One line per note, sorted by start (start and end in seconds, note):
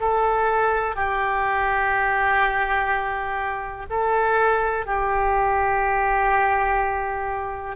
0.00 0.96 A4
0.96 3.86 G4
3.90 4.86 A4
4.86 7.76 G4